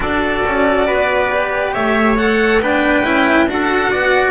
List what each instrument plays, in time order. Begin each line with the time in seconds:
0.00 double bass D4, cello F#4, trumpet A4, violin D5
0.45 double bass C#4
0.86 double bass B3, trumpet B4
1.30 cello G4
1.73 double bass A3, trumpet C#5, violin E5
2.17 cello A4, violin F#5
2.59 double bass B3, cello D4, trumpet B4, violin G5
3.04 double bass C#4, cello E4
3.47 double bass D4, cello F#4, trumpet A4, violin F#5
3.90 double bass B3, trumpet D5